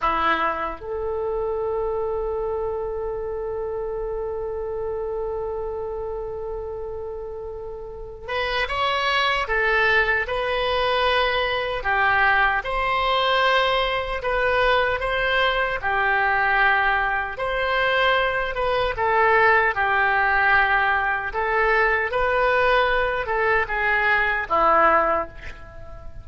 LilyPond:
\new Staff \with { instrumentName = "oboe" } { \time 4/4 \tempo 4 = 76 e'4 a'2.~ | a'1~ | a'2~ a'8 b'8 cis''4 | a'4 b'2 g'4 |
c''2 b'4 c''4 | g'2 c''4. b'8 | a'4 g'2 a'4 | b'4. a'8 gis'4 e'4 | }